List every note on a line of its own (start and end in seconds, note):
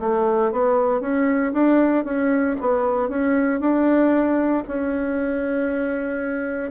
0.00 0.52 A3
0.52 1.01 B3
1.01 1.53 C#4
1.53 2.05 D4
2.05 2.57 C#4
2.61 3.09 B3
3.09 3.60 C#4
3.60 4.64 D4
4.68 6.71 C#4